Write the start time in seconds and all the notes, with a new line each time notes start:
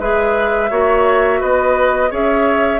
0.00 G#3 G#4 B4 E5
0.70 A#3 F#4 C#5
1.40 B3 B4 D#5
2.10 C#4 G#4 C#5 E5